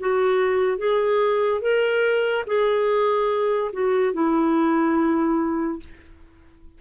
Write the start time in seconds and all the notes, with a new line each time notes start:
0.00 F#4
0.78 G#4
1.61 A#4
2.47 G#4
3.73 F#4
4.14 E4